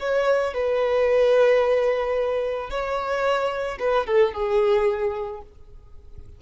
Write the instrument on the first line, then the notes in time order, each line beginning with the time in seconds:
violin
0.00 C#5
0.54 B4
2.70 C#5
3.79 B4
4.07 A4
4.34 G#4